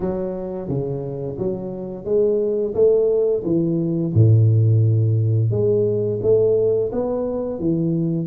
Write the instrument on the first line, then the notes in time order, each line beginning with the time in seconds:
tuba
0.00 F#3
0.68 C#3
1.38 F#3
2.05 G#3
2.74 A3
3.44 E3
4.14 A2
5.50 G#3
6.22 A3
6.92 B3
7.59 E3